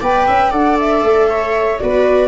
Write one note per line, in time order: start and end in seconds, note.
0.00 0.27 B3
0.00 0.50 B4
0.00 0.26 D5
0.00 0.51 G5
0.26 0.51 C#4
0.26 0.50 E5
0.50 1.02 D4
0.50 1.79 A4
0.50 1.27 D5
0.50 0.77 F#5
0.79 1.78 E5
1.02 1.79 A3
1.29 1.80 C#5
1.78 2.28 B3
1.78 2.28 F#4
1.78 2.28 B4
1.78 2.28 D5